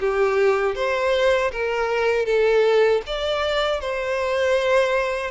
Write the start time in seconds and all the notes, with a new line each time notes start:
0.00 G4
0.75 C5
1.52 A#4
2.26 A4
3.07 D5
3.80 C5